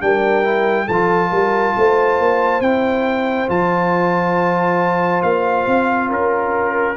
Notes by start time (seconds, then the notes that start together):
0.00 G3 D4 A#4 G5
0.43 E4
0.86 F3 A4 A5
0.92 F4
1.30 G3 A#4
1.76 A3 C5
2.19 A#3
2.60 C4 E4 G5
3.48 F3 F4 A5
5.22 A#3 F5
5.66 C4
6.08 C#4 A#4